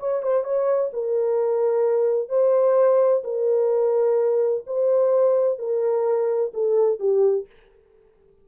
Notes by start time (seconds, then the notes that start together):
0.00 C#5
0.23 C5
0.44 C#5
0.93 A#4
2.30 C5
3.24 A#4
4.67 C5
5.59 A#4
6.54 A4
7.00 G4